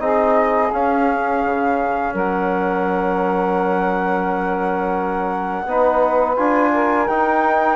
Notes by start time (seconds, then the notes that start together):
0.00 C4 D#4 G#4 D#5
0.73 C#4 F5
1.45 C#3
2.14 F#3 A#4 F#5
5.65 B3 D#4 B4
6.37 D4 F4 G#5
6.74 A#4
7.08 D#4 G5